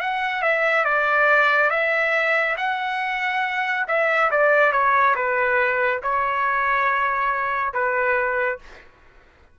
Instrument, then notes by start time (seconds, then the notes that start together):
trumpet
0.00 F#5
0.42 E5
0.84 D5
1.70 E5
2.57 F#5
3.87 E5
4.31 D5
4.72 C#5
5.15 B4
6.02 C#5
7.73 B4